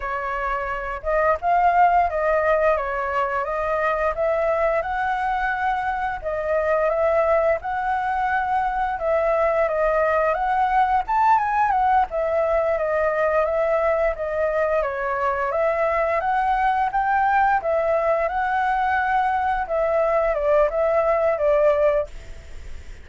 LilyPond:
\new Staff \with { instrumentName = "flute" } { \time 4/4 \tempo 4 = 87 cis''4. dis''8 f''4 dis''4 | cis''4 dis''4 e''4 fis''4~ | fis''4 dis''4 e''4 fis''4~ | fis''4 e''4 dis''4 fis''4 |
a''8 gis''8 fis''8 e''4 dis''4 e''8~ | e''8 dis''4 cis''4 e''4 fis''8~ | fis''8 g''4 e''4 fis''4.~ | fis''8 e''4 d''8 e''4 d''4 | }